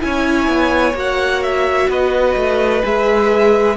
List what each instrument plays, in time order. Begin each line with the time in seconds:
0.00 cello C#4, viola E4, violin C#5 G#5
0.48 cello B3
0.93 cello A#3, viola F#4, violin F#5
1.42 violin E5
1.88 cello B3, violin B4 D#5
2.36 cello A3
2.82 cello G#3, viola G#4, violin E5